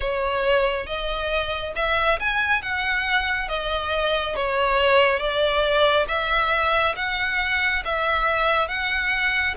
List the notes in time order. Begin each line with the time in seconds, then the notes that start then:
0.00 C#5
0.86 D#5
1.75 E5
2.19 G#5
2.62 F#5
3.48 D#5
4.35 C#5
5.19 D5
6.08 E5
6.96 F#5
7.84 E5
8.68 F#5